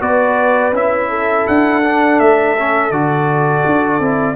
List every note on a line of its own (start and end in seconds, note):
0.00 0.72 B3
0.00 0.72 F#4
0.00 1.10 B4
0.00 0.74 D5
0.72 1.45 C#4
0.72 1.83 E4
0.72 1.47 E5
1.10 4.35 A4
1.47 2.20 D4
1.47 2.19 F#5
1.84 2.56 D4
2.19 2.90 A3
2.19 2.91 E5
2.58 2.93 C#4
2.90 3.63 D3
2.90 4.01 F#4
2.90 4.35 D5
3.66 3.99 D4
3.99 4.35 C4
3.99 4.35 E4